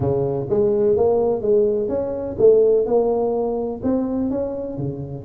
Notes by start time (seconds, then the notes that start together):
0.00 C#3
0.49 G#3
0.96 A#3
1.41 G#3
1.88 C#4
2.38 A3
2.86 A#3
3.83 C4
4.30 C#4
4.77 C#3